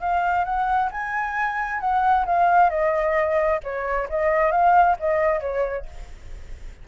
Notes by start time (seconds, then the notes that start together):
0.00 F5
0.44 F#5
0.91 G#5
1.80 F#5
2.25 F5
2.69 D#5
3.63 C#5
4.09 D#5
4.51 F5
4.99 D#5
5.40 C#5